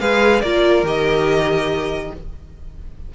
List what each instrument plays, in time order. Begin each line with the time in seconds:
0.00 cello G#3, viola G#4, violin B4 F5
0.41 cello A#3, viola F4, violin A#4 D5
0.83 cello D#3, viola G4, violin D#5